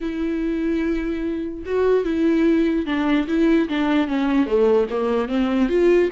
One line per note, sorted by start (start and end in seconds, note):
0.01 1.64 E4
1.65 2.04 F#4
2.04 2.86 E4
2.86 3.27 D4
3.27 3.68 E4
3.68 4.07 D4
4.07 4.46 C#4
4.46 4.87 A3
4.90 5.28 A#3
5.28 5.68 C4
5.68 6.09 F4